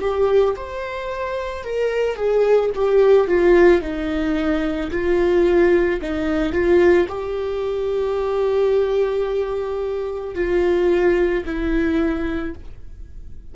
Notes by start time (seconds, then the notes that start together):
0.00 G4
0.56 C5
1.63 A#4
2.15 G#4
2.75 G4
3.27 F4
3.81 D#4
4.91 F4
6.01 D#4
6.52 F4
7.09 G4
10.35 F4
11.45 E4